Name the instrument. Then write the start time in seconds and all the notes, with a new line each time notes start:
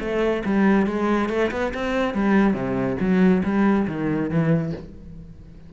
cello
0.00 A3
0.45 G3
0.86 G#3
1.29 A3
1.51 B3
1.74 C4
2.14 G3
2.53 C3
3.00 F#3
3.44 G3
3.87 D#3
4.30 E3